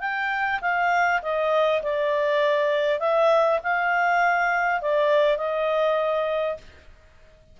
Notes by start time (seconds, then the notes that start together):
0.00 G5
0.62 F5
1.22 D#5
1.82 D5
2.99 E5
3.63 F5
4.81 D5
5.38 D#5